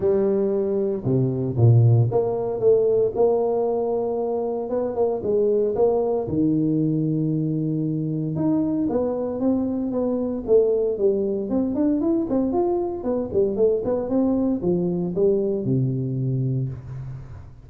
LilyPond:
\new Staff \with { instrumentName = "tuba" } { \time 4/4 \tempo 4 = 115 g2 c4 ais,4 | ais4 a4 ais2~ | ais4 b8 ais8 gis4 ais4 | dis1 |
dis'4 b4 c'4 b4 | a4 g4 c'8 d'8 e'8 c'8 | f'4 b8 g8 a8 b8 c'4 | f4 g4 c2 | }